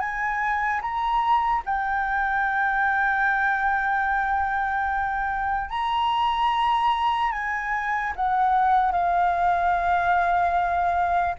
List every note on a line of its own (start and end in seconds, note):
0.00 0.81 G#5
0.82 1.63 A#5
1.66 5.70 G5
5.70 7.32 A#5
7.32 8.13 G#5
8.16 8.92 F#5
8.92 11.36 F5